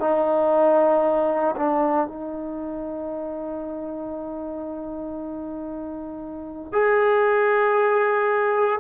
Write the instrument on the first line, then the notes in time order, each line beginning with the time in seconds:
trombone
0.00 D#4
1.56 D4
2.07 D#4
6.72 G#4